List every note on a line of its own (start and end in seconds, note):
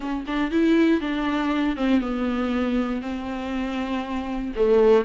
0.00 0.24 C#4
0.27 0.51 D4
0.51 1.00 E4
1.00 1.76 D4
1.76 2.00 C4
2.00 3.01 B3
3.01 4.53 C4
4.55 5.04 A3